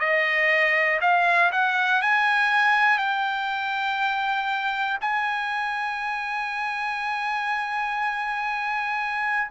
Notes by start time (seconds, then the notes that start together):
0.00 D#5
1.01 F5
1.52 F#5
2.02 G#5
2.99 G5
5.01 G#5